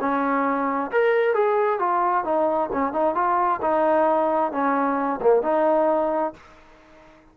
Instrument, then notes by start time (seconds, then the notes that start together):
trombone
0.00 C#4
0.92 A#4
1.34 G#4
1.80 F4
2.25 D#4
2.73 C#4
2.93 D#4
3.15 F4
3.62 D#4
4.52 C#4
5.22 A#3
5.43 D#4